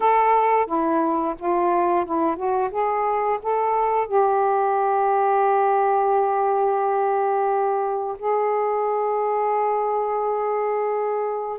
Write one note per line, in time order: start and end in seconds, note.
0.00 0.66 A4
0.66 1.34 E4
1.38 2.05 F4
2.05 2.36 E4
2.36 2.70 F#4
2.71 3.39 G#4
3.42 4.07 A4
4.07 8.16 G4
8.18 11.58 G#4